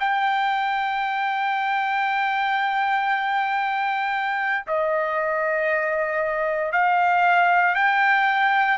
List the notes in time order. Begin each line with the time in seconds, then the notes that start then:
0.00 G5
4.67 D#5
6.72 F5
7.75 G5